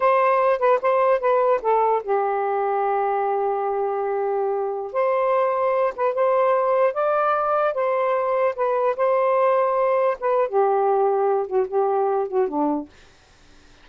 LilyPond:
\new Staff \with { instrumentName = "saxophone" } { \time 4/4 \tempo 4 = 149 c''4. b'8 c''4 b'4 | a'4 g'2.~ | g'1~ | g'16 c''2~ c''8 b'8 c''8.~ |
c''4~ c''16 d''2 c''8.~ | c''4~ c''16 b'4 c''4.~ c''16~ | c''4~ c''16 b'8. g'2~ | g'8 fis'8 g'4. fis'8 d'4 | }